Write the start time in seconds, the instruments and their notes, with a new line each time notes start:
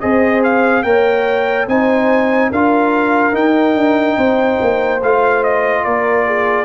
0.00 tuba C4, trombone G#4, horn C5, trumpet D#5
0.44 trumpet F5
0.83 tuba A#3, trombone A#4, horn C#5, trumpet G5
1.67 tuba C4, trombone D#4, horn C5, trumpet G#5
2.50 tuba D4, trombone F4, horn A#4, trumpet F5
3.33 tuba D#4, trombone D#4, trumpet G5
3.74 tuba D4
4.17 tuba C4, horn C5
4.61 tuba A#3
5.02 tuba A3, trombone F4, trumpet F5
5.43 trumpet D#5
5.84 tuba A#3, horn A#4, trumpet D5
6.26 horn G#4